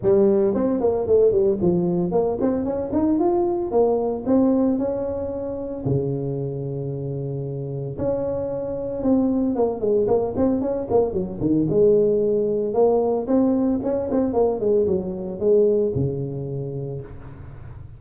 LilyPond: \new Staff \with { instrumentName = "tuba" } { \time 4/4 \tempo 4 = 113 g4 c'8 ais8 a8 g8 f4 | ais8 c'8 cis'8 dis'8 f'4 ais4 | c'4 cis'2 cis4~ | cis2. cis'4~ |
cis'4 c'4 ais8 gis8 ais8 c'8 | cis'8 ais8 fis8 dis8 gis2 | ais4 c'4 cis'8 c'8 ais8 gis8 | fis4 gis4 cis2 | }